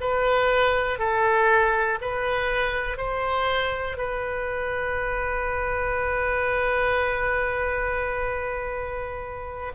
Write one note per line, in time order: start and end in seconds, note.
0.00 0.99 B4
0.99 1.99 A4
2.01 2.97 B4
2.97 3.97 C5
3.97 9.72 B4